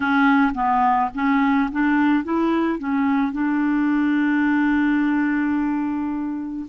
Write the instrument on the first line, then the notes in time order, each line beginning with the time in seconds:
clarinet
0.00 C#4
0.54 B3
1.14 C#4
1.71 D4
2.24 E4
2.78 C#4
3.32 D4